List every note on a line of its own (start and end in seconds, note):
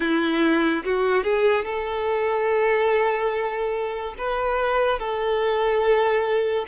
0.00 0.83 E4
0.84 1.23 F#4
1.23 1.64 G#4
1.64 4.14 A4
4.18 4.98 B4
4.98 6.65 A4